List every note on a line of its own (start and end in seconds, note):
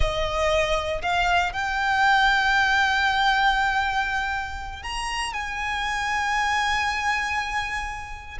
0.00 1.01 D#5
1.02 1.52 F5
1.52 4.83 G5
4.83 5.33 A#5
5.33 8.38 G#5